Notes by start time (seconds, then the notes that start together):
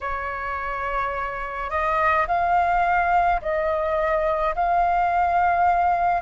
0.01 C#5
1.70 D#5
2.27 F5
3.41 D#5
4.55 F5